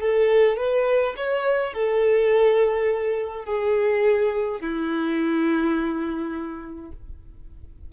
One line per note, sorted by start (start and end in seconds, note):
0.00 0.57 A4
0.57 1.14 B4
1.16 1.73 C#5
1.73 3.45 A4
3.45 4.60 G#4
4.60 6.91 E4